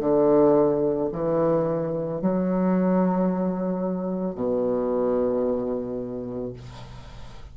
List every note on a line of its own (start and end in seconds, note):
0.00 1.09 D3
1.13 2.22 E3
2.22 4.35 F#3
4.35 6.54 B2